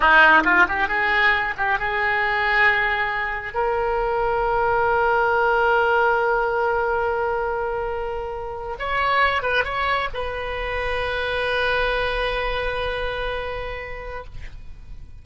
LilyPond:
\new Staff \with { instrumentName = "oboe" } { \time 4/4 \tempo 4 = 135 dis'4 f'8 g'8 gis'4. g'8 | gis'1 | ais'1~ | ais'1~ |
ais'2.~ ais'8. cis''16~ | cis''4~ cis''16 b'8 cis''4 b'4~ b'16~ | b'1~ | b'1 | }